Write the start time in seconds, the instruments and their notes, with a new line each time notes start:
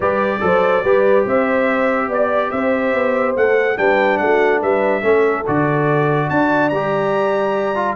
0.00 tuba G3, trombone G4, horn B4, trumpet D5
0.40 tuba F#3, trombone A4, horn C5
0.83 tuba G3, trombone G4, horn B4
1.24 tuba C4, horn C5, trumpet E5
2.08 tuba B3, horn D5, trumpet D5
2.50 tuba C4, horn C5, trumpet E5
2.93 tuba B3
3.35 tuba A3, trombone A4, trumpet F#5
3.77 tuba G3, trombone D4, horn B4, trumpet G5
4.17 tuba A3, horn F#4, trumpet F#5
4.60 tuba G3, horn B4, trumpet E5
5.02 tuba A3, trombone C#4, horn A4
5.46 tuba D3, trombone F#4, trumpet D5
6.29 tuba D4, horn D5, trumpet A5
6.69 tuba G3, trombone G4, trumpet A#5
7.75 trombone F4